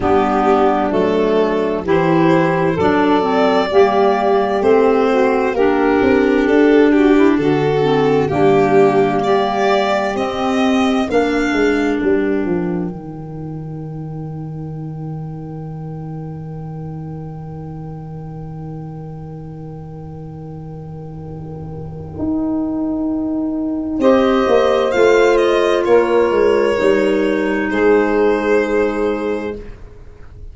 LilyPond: <<
  \new Staff \with { instrumentName = "violin" } { \time 4/4 \tempo 4 = 65 g'4 a'4 c''4 d''4~ | d''4 c''4 ais'4 a'8 g'8 | a'4 g'4 d''4 dis''4 | f''4 g''2.~ |
g''1~ | g''1~ | g''2 dis''4 f''8 dis''8 | cis''2 c''2 | }
  \new Staff \with { instrumentName = "saxophone" } { \time 4/4 d'2 g'4 a'4 | g'4. fis'8 g'4. fis'16 e'16 | fis'4 d'4 g'2 | ais'1~ |
ais'1~ | ais'1~ | ais'2 c''2 | ais'2 gis'2 | }
  \new Staff \with { instrumentName = "clarinet" } { \time 4/4 b4 a4 e'4 d'8 c'8 | ais4 c'4 d'2~ | d'8 c'8 ais2 c'4 | d'2 dis'2~ |
dis'1~ | dis'1~ | dis'2 g'4 f'4~ | f'4 dis'2. | }
  \new Staff \with { instrumentName = "tuba" } { \time 4/4 g4 fis4 e4 fis4 | g4 a4 ais8 c'8 d'4 | d4 g2 c'4 | ais8 gis8 g8 f8 dis2~ |
dis1~ | dis1 | dis'2 c'8 ais8 a4 | ais8 gis8 g4 gis2 | }
>>